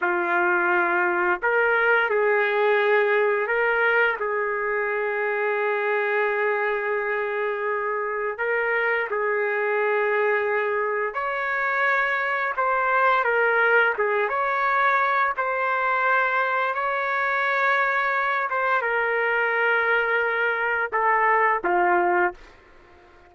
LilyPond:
\new Staff \with { instrumentName = "trumpet" } { \time 4/4 \tempo 4 = 86 f'2 ais'4 gis'4~ | gis'4 ais'4 gis'2~ | gis'1 | ais'4 gis'2. |
cis''2 c''4 ais'4 | gis'8 cis''4. c''2 | cis''2~ cis''8 c''8 ais'4~ | ais'2 a'4 f'4 | }